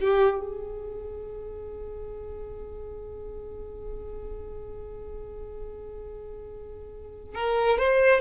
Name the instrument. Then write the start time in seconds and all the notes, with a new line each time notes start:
violin
0.00 G4
0.40 G#4
7.35 A#4
7.78 C5